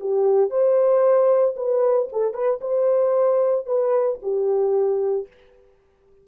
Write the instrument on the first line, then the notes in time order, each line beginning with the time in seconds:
horn
0.00 G4
0.50 C5
1.56 B4
2.12 A4
2.33 B4
2.61 C5
3.66 B4
4.22 G4